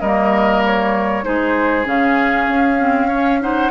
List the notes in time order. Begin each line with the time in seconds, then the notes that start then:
0.00 G3 A#3 A#4 D#5
0.65 C#5
1.23 G#3 D#4 G#4 C5
1.84 C#3 C#4 F5
2.48 C#4
2.78 C4
3.07 C#4 C#5
3.41 D#4 C5 F#5